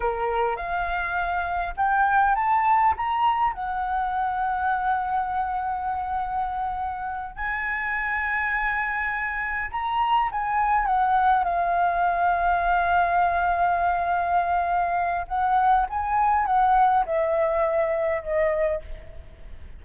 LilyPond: \new Staff \with { instrumentName = "flute" } { \time 4/4 \tempo 4 = 102 ais'4 f''2 g''4 | a''4 ais''4 fis''2~ | fis''1~ | fis''8 gis''2.~ gis''8~ |
gis''8 ais''4 gis''4 fis''4 f''8~ | f''1~ | f''2 fis''4 gis''4 | fis''4 e''2 dis''4 | }